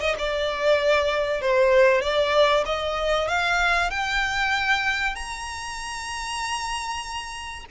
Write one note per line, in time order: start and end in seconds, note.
0.00 0.16 D#5
0.18 1.41 D5
1.41 2.01 C5
2.01 2.64 D5
2.65 3.28 D#5
3.28 3.90 F5
3.90 5.15 G5
5.15 7.65 A#5